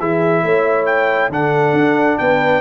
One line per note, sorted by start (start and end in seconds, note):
0.00 0.44 E3
0.00 1.32 E4
0.00 0.44 G#4
0.00 0.86 E5
0.44 1.29 A3
0.44 1.31 C#5
0.86 1.30 G5
1.29 1.73 D3
1.29 2.61 D4
1.29 2.19 A4
1.29 2.18 F#5
1.73 2.17 D4
2.18 2.61 B3
2.18 2.61 B4
2.18 2.61 G5